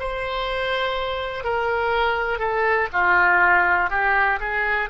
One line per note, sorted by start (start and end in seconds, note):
0.00 1.44 C5
1.44 2.39 A#4
2.39 2.88 A4
2.93 3.91 F4
3.91 4.40 G4
4.40 4.90 G#4